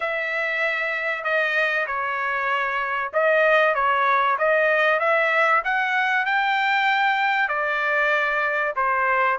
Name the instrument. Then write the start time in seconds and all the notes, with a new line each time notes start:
trumpet
0.00 E5
1.24 D#5
1.86 C#5
3.12 D#5
3.74 C#5
4.38 D#5
4.99 E5
5.64 F#5
6.25 G5
7.48 D5
8.76 C5